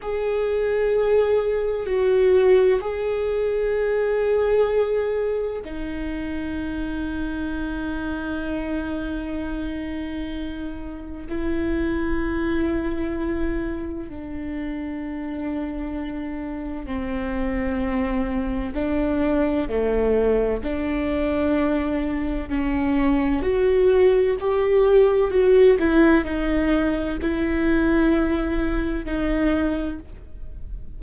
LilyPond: \new Staff \with { instrumentName = "viola" } { \time 4/4 \tempo 4 = 64 gis'2 fis'4 gis'4~ | gis'2 dis'2~ | dis'1 | e'2. d'4~ |
d'2 c'2 | d'4 a4 d'2 | cis'4 fis'4 g'4 fis'8 e'8 | dis'4 e'2 dis'4 | }